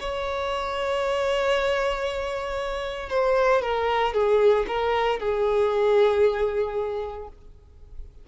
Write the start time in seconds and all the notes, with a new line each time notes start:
0.00 C#5
3.10 C5
3.62 A#4
4.14 G#4
4.68 A#4
5.20 G#4